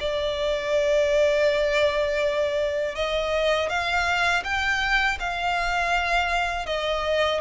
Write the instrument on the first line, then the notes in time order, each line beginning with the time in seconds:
violin
0.00 D5
2.95 D#5
3.69 F5
4.44 G5
5.20 F5
6.66 D#5